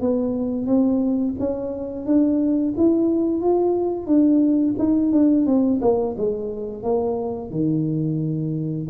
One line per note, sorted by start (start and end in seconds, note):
0.00 0.66 B3
0.66 1.34 C4
1.39 2.06 C#4
2.06 2.74 D4
2.77 3.41 E4
3.41 4.06 F4
4.06 4.74 D4
4.78 5.12 D#4
5.12 5.46 D4
5.46 5.80 C4
5.81 6.15 A#3
6.17 6.83 G#3
6.83 7.50 A#3
7.50 8.87 D#3